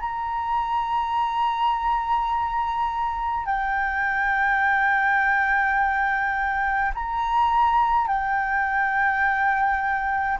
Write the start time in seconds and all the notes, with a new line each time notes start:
0.00 A#5
3.46 G5
6.94 A#5
8.07 G5